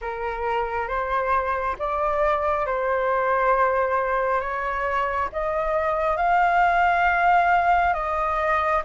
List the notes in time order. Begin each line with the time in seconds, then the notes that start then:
0.01 A#4
0.87 C5
1.78 D5
2.66 C5
4.40 C#5
5.32 D#5
6.16 F5
7.93 D#5